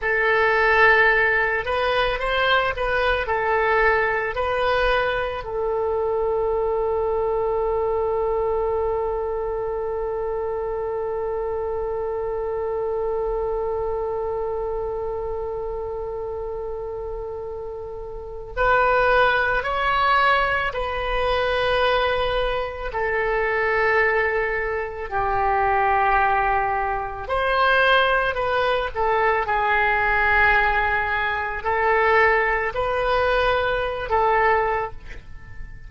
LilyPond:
\new Staff \with { instrumentName = "oboe" } { \time 4/4 \tempo 4 = 55 a'4. b'8 c''8 b'8 a'4 | b'4 a'2.~ | a'1~ | a'1~ |
a'4 b'4 cis''4 b'4~ | b'4 a'2 g'4~ | g'4 c''4 b'8 a'8 gis'4~ | gis'4 a'4 b'4~ b'16 a'8. | }